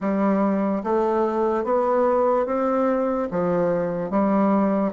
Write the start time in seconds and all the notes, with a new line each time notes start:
0.00 G3
0.83 A3
1.64 B3
2.46 C4
3.30 F3
4.10 G3